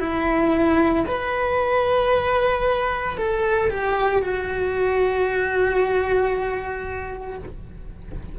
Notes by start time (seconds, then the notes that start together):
0.00 E4
1.07 B4
3.17 A4
3.70 G4
4.22 F#4